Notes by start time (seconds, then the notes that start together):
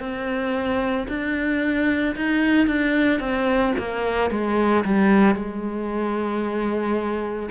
0.00 C4
1.08 D4
2.16 D#4
2.67 D4
3.19 C4
3.78 A#3
4.31 G#3
4.85 G3
5.35 G#3